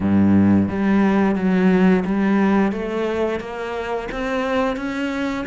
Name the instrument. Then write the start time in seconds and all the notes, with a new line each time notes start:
cello
0.00 G2
0.68 G3
1.35 F#3
2.05 G3
2.71 A3
3.40 A#3
4.11 C4
4.76 C#4